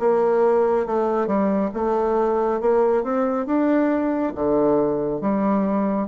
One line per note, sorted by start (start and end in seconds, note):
0.00 0.87 A#3
0.87 1.27 A3
1.27 1.71 G3
1.74 2.61 A3
2.61 3.04 A#3
3.04 3.47 C4
3.47 4.34 D4
4.35 5.21 D3
5.21 6.08 G3